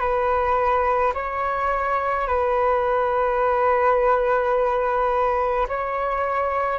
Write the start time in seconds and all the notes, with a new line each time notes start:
0.00 B4
1.15 C#5
2.28 B4
5.69 C#5